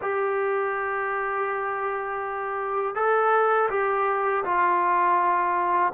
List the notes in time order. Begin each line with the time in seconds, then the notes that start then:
0.01 G4
2.95 A4
3.70 G4
4.44 F4